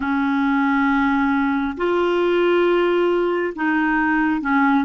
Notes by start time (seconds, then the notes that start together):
0.00 C#4
1.76 F4
3.55 D#4
4.41 C#4